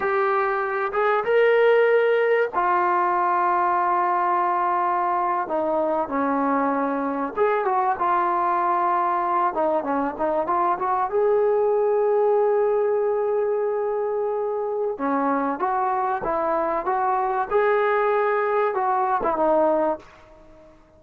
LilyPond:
\new Staff \with { instrumentName = "trombone" } { \time 4/4 \tempo 4 = 96 g'4. gis'8 ais'2 | f'1~ | f'8. dis'4 cis'2 gis'16~ | gis'16 fis'8 f'2~ f'8 dis'8 cis'16~ |
cis'16 dis'8 f'8 fis'8 gis'2~ gis'16~ | gis'1 | cis'4 fis'4 e'4 fis'4 | gis'2 fis'8. e'16 dis'4 | }